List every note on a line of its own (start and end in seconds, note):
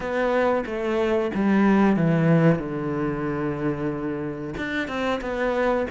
0.00 0.64 B3
0.66 1.31 A3
1.34 1.96 G3
1.96 2.58 E3
2.58 4.54 D3
4.57 4.87 D4
4.87 5.20 C4
5.21 5.86 B3